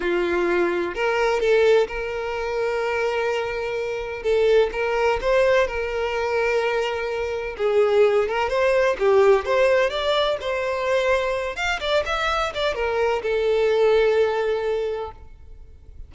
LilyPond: \new Staff \with { instrumentName = "violin" } { \time 4/4 \tempo 4 = 127 f'2 ais'4 a'4 | ais'1~ | ais'4 a'4 ais'4 c''4 | ais'1 |
gis'4. ais'8 c''4 g'4 | c''4 d''4 c''2~ | c''8 f''8 d''8 e''4 d''8 ais'4 | a'1 | }